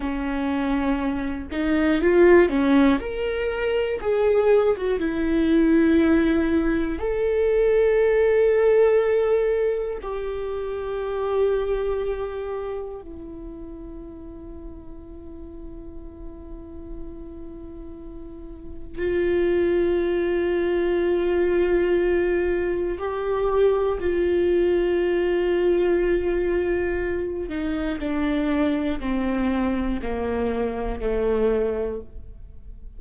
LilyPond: \new Staff \with { instrumentName = "viola" } { \time 4/4 \tempo 4 = 60 cis'4. dis'8 f'8 cis'8 ais'4 | gis'8. fis'16 e'2 a'4~ | a'2 g'2~ | g'4 e'2.~ |
e'2. f'4~ | f'2. g'4 | f'2.~ f'8 dis'8 | d'4 c'4 ais4 a4 | }